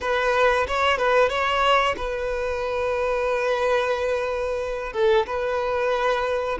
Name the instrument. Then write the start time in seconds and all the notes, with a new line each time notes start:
violin
0.00 B4
0.67 C#5
0.97 B4
1.29 C#5
1.96 B4
4.92 A4
5.26 B4